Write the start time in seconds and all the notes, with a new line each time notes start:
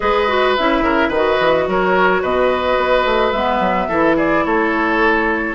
0.00 G#3 G#4 B4 D#5
0.28 F#4
0.56 C#4 E4 E5
0.81 C#3 A#4
1.08 D#3 B4 D#5
1.15 F#4
1.40 E3
1.67 F#3 A#4 C#5
2.22 B2 B4 D#5
2.77 B3
3.04 A3
3.31 G#3 B3 E5
3.59 F#3
3.88 E3 E4 A4
4.16 G#4 D5
4.44 A3 A4 C#5